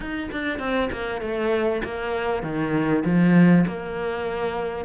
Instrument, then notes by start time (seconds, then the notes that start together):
cello
0.00 D#4
0.31 D4
0.59 C4
0.91 A#3
1.21 A3
1.84 A#3
2.42 D#3
3.04 F3
3.66 A#3